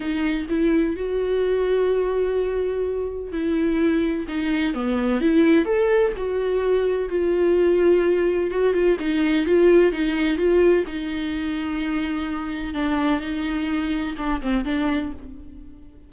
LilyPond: \new Staff \with { instrumentName = "viola" } { \time 4/4 \tempo 4 = 127 dis'4 e'4 fis'2~ | fis'2. e'4~ | e'4 dis'4 b4 e'4 | a'4 fis'2 f'4~ |
f'2 fis'8 f'8 dis'4 | f'4 dis'4 f'4 dis'4~ | dis'2. d'4 | dis'2 d'8 c'8 d'4 | }